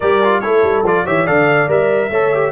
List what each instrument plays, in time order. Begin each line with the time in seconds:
0.00 tuba G3, trombone G4, horn A#4, trumpet D5
0.24 trombone F4
0.40 tuba A3, trombone E4, horn A4, trumpet C#5
0.62 tuba G3
0.82 tuba F3, trombone F4, trumpet D5
1.04 tuba E3, trombone G4, horn C#5, trumpet E5
1.24 tuba D3, trombone A4, horn D5, trumpet F5
1.67 tuba G3, trombone A#4, trumpet E5
2.10 tuba A3, trombone A4, horn C#5
2.34 trombone G4